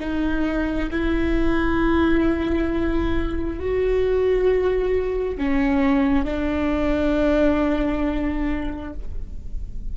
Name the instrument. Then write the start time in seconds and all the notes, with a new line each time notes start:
viola
0.00 D#4
0.91 E4
3.59 F#4
5.37 C#4
6.24 D4